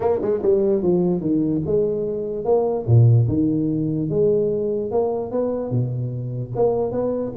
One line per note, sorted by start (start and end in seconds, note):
0.00 0.19 A#3
0.21 0.42 G#3
0.42 0.82 G3
0.82 1.20 F3
1.20 1.61 D#3
1.66 2.44 G#3
2.44 2.85 A#3
2.86 3.27 A#2
3.28 4.09 D#3
4.09 4.91 G#3
4.91 5.31 A#3
5.31 5.70 B3
5.70 6.52 B2
6.55 6.91 A#3
6.91 7.32 B3